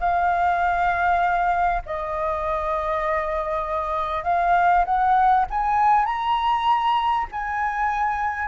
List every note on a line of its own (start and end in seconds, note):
0.00 1.82 F5
1.85 4.24 D#5
4.24 4.84 F5
4.85 5.45 F#5
5.50 6.05 G#5
6.05 7.26 A#5
7.31 8.47 G#5